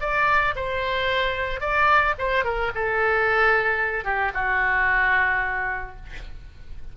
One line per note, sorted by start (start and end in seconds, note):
0.00 0.54 D5
0.55 1.60 C5
1.60 2.14 D5
2.18 2.44 C5
2.44 2.71 A#4
2.74 4.04 A4
4.04 4.31 G4
4.34 5.96 F#4